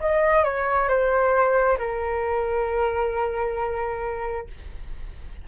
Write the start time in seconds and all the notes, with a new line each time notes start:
0.00 D#5
0.44 C#5
0.88 C5
1.78 A#4